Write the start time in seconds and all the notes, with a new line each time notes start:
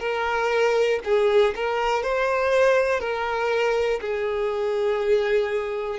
0.00 A#4
1.05 G#4
1.56 A#4
2.03 C5
3.00 A#4
4.01 G#4